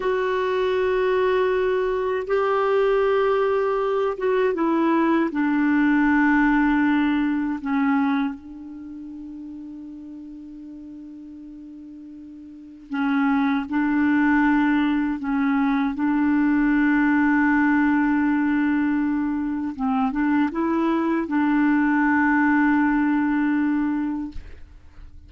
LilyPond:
\new Staff \with { instrumentName = "clarinet" } { \time 4/4 \tempo 4 = 79 fis'2. g'4~ | g'4. fis'8 e'4 d'4~ | d'2 cis'4 d'4~ | d'1~ |
d'4 cis'4 d'2 | cis'4 d'2.~ | d'2 c'8 d'8 e'4 | d'1 | }